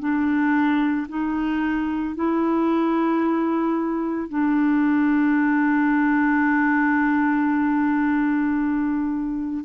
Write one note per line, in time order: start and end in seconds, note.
0.00 1.07 D4
1.09 2.16 D#4
2.16 4.29 E4
4.29 9.65 D4